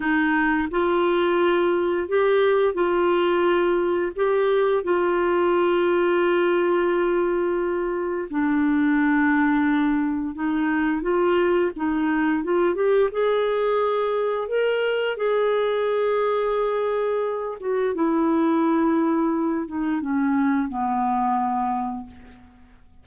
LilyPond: \new Staff \with { instrumentName = "clarinet" } { \time 4/4 \tempo 4 = 87 dis'4 f'2 g'4 | f'2 g'4 f'4~ | f'1 | d'2. dis'4 |
f'4 dis'4 f'8 g'8 gis'4~ | gis'4 ais'4 gis'2~ | gis'4. fis'8 e'2~ | e'8 dis'8 cis'4 b2 | }